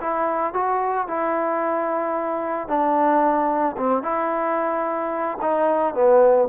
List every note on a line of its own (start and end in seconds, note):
0.00 0.53 E4
0.53 1.07 F#4
1.07 2.67 E4
2.67 3.75 D4
3.77 4.02 C4
4.02 5.38 E4
5.41 5.94 D#4
5.94 6.48 B3